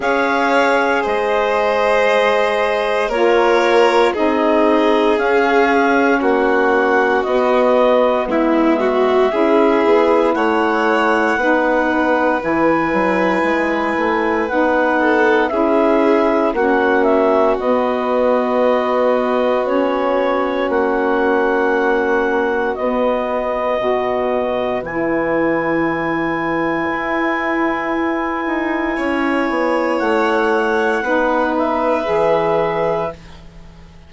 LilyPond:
<<
  \new Staff \with { instrumentName = "clarinet" } { \time 4/4 \tempo 4 = 58 f''4 dis''2 cis''4 | dis''4 f''4 fis''4 dis''4 | e''2 fis''2 | gis''2 fis''4 e''4 |
fis''8 e''8 dis''2 cis''4 | fis''2 dis''2 | gis''1~ | gis''4 fis''4. e''4. | }
  \new Staff \with { instrumentName = "violin" } { \time 4/4 cis''4 c''2 ais'4 | gis'2 fis'2 | e'8 fis'8 gis'4 cis''4 b'4~ | b'2~ b'8 a'8 gis'4 |
fis'1~ | fis'2. b'4~ | b'1 | cis''2 b'2 | }
  \new Staff \with { instrumentName = "saxophone" } { \time 4/4 gis'2. f'4 | dis'4 cis'2 b4~ | b4 e'2 dis'4 | e'2 dis'4 e'4 |
cis'4 b2 cis'4~ | cis'2 b4 fis'4 | e'1~ | e'2 dis'4 gis'4 | }
  \new Staff \with { instrumentName = "bassoon" } { \time 4/4 cis'4 gis2 ais4 | c'4 cis'4 ais4 b4 | gis4 cis'8 b8 a4 b4 | e8 fis8 gis8 a8 b4 cis'4 |
ais4 b2. | ais2 b4 b,4 | e2 e'4. dis'8 | cis'8 b8 a4 b4 e4 | }
>>